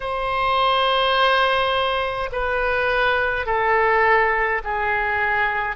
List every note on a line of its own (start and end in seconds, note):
0.00 2.29 C5
2.32 3.46 B4
3.46 4.61 A4
4.64 5.76 G#4